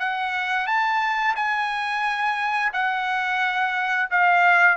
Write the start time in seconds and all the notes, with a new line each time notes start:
0.00 F#5
0.67 A5
1.36 G#5
2.74 F#5
4.11 F5